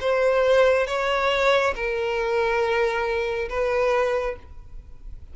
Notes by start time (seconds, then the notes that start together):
0.00 C5
0.87 C#5
1.75 A#4
3.49 B4